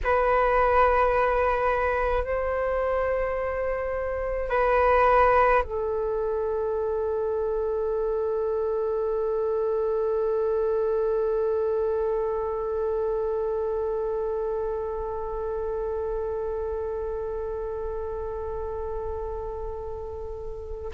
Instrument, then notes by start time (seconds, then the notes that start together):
flute
0.03 B4
2.23 C5
4.49 B4
5.63 A4